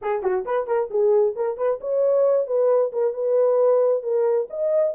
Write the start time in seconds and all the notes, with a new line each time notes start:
0.01 G#4
0.22 F#4
0.45 B4
0.67 A#4
0.90 G#4
1.35 A#4
1.57 B4
1.80 C#5
2.46 B4
2.92 A#4
3.13 B4
4.02 A#4
4.50 D#5